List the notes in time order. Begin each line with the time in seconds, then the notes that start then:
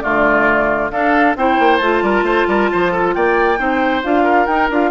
0.00 D3 A3 F4 D5
0.90 D4 A4 F5
1.36 C4 E4 C5 G5
1.59 A#3
1.77 A3 F4 A5
2.02 G3 A#4
2.22 A3 C5
2.47 G3 A#4
2.72 F3 C5
2.92 A4
3.13 A#3 D5 G5
3.57 C4 D#4 C5
4.03 D4 F4 F5
4.23 A#4
4.45 D#4 G5
4.70 D4 F4 F5